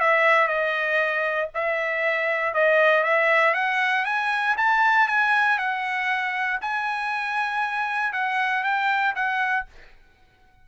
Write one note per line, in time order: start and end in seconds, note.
0.00 0.48 E5
0.48 1.50 D#5
1.55 2.54 E5
2.54 3.04 D#5
3.04 3.54 E5
3.54 4.05 F#5
4.05 4.56 G#5
4.57 5.08 A5
5.08 5.58 G#5
5.58 6.60 F#5
6.61 8.13 G#5
8.13 8.64 F#5
8.64 9.15 G5
9.15 9.66 F#5